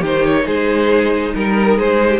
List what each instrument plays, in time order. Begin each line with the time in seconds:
0.00 cello D#3, viola D#4, violin G4 C5
0.26 violin C#5
0.46 cello G#3, violin G#4 C5
1.34 cello G3, violin A#4
1.77 cello G#3, violin G#4 C5
2.09 violin G4